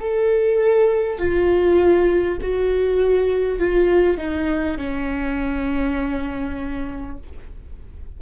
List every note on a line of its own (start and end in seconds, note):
0.00 1.18 A4
1.18 2.38 F4
2.42 3.59 F#4
3.59 4.17 F4
4.17 4.77 D#4
4.77 7.17 C#4